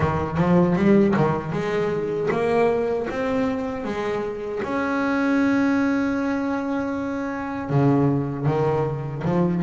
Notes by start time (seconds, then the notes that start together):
0.00 D#3
0.37 F3
0.76 G3
1.16 D#3
1.52 G#3
2.30 A#3
3.09 C4
3.84 G#3
4.63 C#4
7.69 C#3
8.46 D#3
9.24 F3